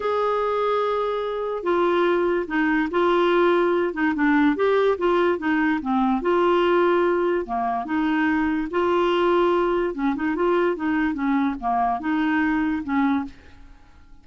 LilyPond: \new Staff \with { instrumentName = "clarinet" } { \time 4/4 \tempo 4 = 145 gis'1 | f'2 dis'4 f'4~ | f'4. dis'8 d'4 g'4 | f'4 dis'4 c'4 f'4~ |
f'2 ais4 dis'4~ | dis'4 f'2. | cis'8 dis'8 f'4 dis'4 cis'4 | ais4 dis'2 cis'4 | }